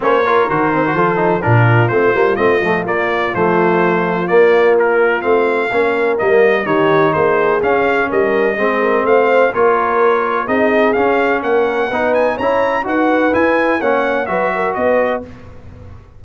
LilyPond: <<
  \new Staff \with { instrumentName = "trumpet" } { \time 4/4 \tempo 4 = 126 cis''4 c''2 ais'4 | c''4 dis''4 d''4 c''4~ | c''4 d''4 ais'4 f''4~ | f''4 dis''4 cis''4 c''4 |
f''4 dis''2 f''4 | cis''2 dis''4 f''4 | fis''4. gis''8 ais''4 fis''4 | gis''4 fis''4 e''4 dis''4 | }
  \new Staff \with { instrumentName = "horn" } { \time 4/4 c''8 ais'4. a'4 f'4~ | f'1~ | f'1 | ais'2 g'4 gis'4~ |
gis'4 ais'4 gis'8 ais'8 c''4 | ais'2 gis'2 | ais'4 b'4 cis''4 b'4~ | b'4 cis''4 b'8 ais'8 b'4 | }
  \new Staff \with { instrumentName = "trombone" } { \time 4/4 cis'8 f'8 fis'8 c'16 fis'16 f'8 dis'8 d'4 | c'8 ais8 c'8 a8 ais4 a4~ | a4 ais2 c'4 | cis'4 ais4 dis'2 |
cis'2 c'2 | f'2 dis'4 cis'4~ | cis'4 dis'4 e'4 fis'4 | e'4 cis'4 fis'2 | }
  \new Staff \with { instrumentName = "tuba" } { \time 4/4 ais4 dis4 f4 ais,4 | a8 g8 a8 f8 ais4 f4~ | f4 ais2 a4 | ais4 g4 dis4 ais4 |
cis'4 g4 gis4 a4 | ais2 c'4 cis'4 | ais4 b4 cis'4 dis'4 | e'4 ais4 fis4 b4 | }
>>